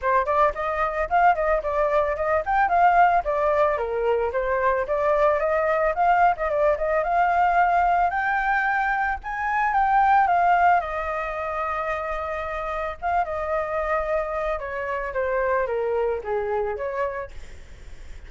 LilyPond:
\new Staff \with { instrumentName = "flute" } { \time 4/4 \tempo 4 = 111 c''8 d''8 dis''4 f''8 dis''8 d''4 | dis''8 g''8 f''4 d''4 ais'4 | c''4 d''4 dis''4 f''8. dis''16 | d''8 dis''8 f''2 g''4~ |
g''4 gis''4 g''4 f''4 | dis''1 | f''8 dis''2~ dis''8 cis''4 | c''4 ais'4 gis'4 cis''4 | }